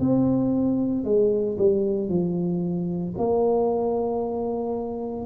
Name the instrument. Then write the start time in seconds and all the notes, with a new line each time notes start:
tuba
0.00 C4
1.04 G#3
1.58 G3
2.10 F3
3.18 A#3